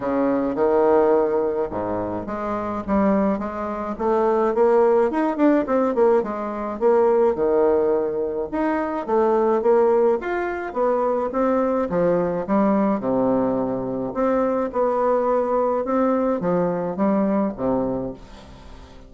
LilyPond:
\new Staff \with { instrumentName = "bassoon" } { \time 4/4 \tempo 4 = 106 cis4 dis2 gis,4 | gis4 g4 gis4 a4 | ais4 dis'8 d'8 c'8 ais8 gis4 | ais4 dis2 dis'4 |
a4 ais4 f'4 b4 | c'4 f4 g4 c4~ | c4 c'4 b2 | c'4 f4 g4 c4 | }